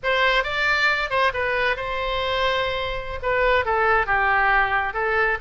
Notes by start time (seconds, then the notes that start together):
0.03 C5
0.43 D5
1.09 C5
1.33 B4
1.76 C5
3.22 B4
3.65 A4
4.06 G4
4.93 A4